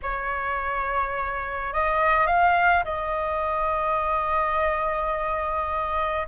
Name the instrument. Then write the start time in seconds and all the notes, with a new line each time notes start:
flute
0.02 C#5
1.73 D#5
2.26 F5
2.84 D#5